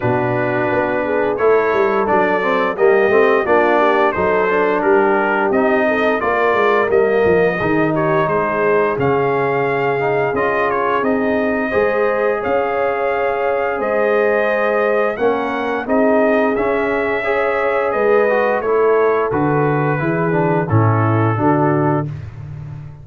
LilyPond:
<<
  \new Staff \with { instrumentName = "trumpet" } { \time 4/4 \tempo 4 = 87 b'2 cis''4 d''4 | dis''4 d''4 c''4 ais'4 | dis''4 d''4 dis''4. cis''8 | c''4 f''2 dis''8 cis''8 |
dis''2 f''2 | dis''2 fis''4 dis''4 | e''2 dis''4 cis''4 | b'2 a'2 | }
  \new Staff \with { instrumentName = "horn" } { \time 4/4 fis'4. gis'8 a'2 | g'4 f'8 g'8 a'4 g'4~ | g'8 a'8 ais'2 gis'8 g'8 | gis'1~ |
gis'4 c''4 cis''2 | c''2 ais'4 gis'4~ | gis'4 cis''4 b'4 a'4~ | a'4 gis'4 e'4 fis'4 | }
  \new Staff \with { instrumentName = "trombone" } { \time 4/4 d'2 e'4 d'8 c'8 | ais8 c'8 d'4 dis'8 d'4. | dis'4 f'4 ais4 dis'4~ | dis'4 cis'4. dis'8 f'4 |
dis'4 gis'2.~ | gis'2 cis'4 dis'4 | cis'4 gis'4. fis'8 e'4 | fis'4 e'8 d'8 cis'4 d'4 | }
  \new Staff \with { instrumentName = "tuba" } { \time 4/4 b,4 b4 a8 g8 fis4 | g8 a8 ais4 fis4 g4 | c'4 ais8 gis8 g8 f8 dis4 | gis4 cis2 cis'4 |
c'4 gis4 cis'2 | gis2 ais4 c'4 | cis'2 gis4 a4 | d4 e4 a,4 d4 | }
>>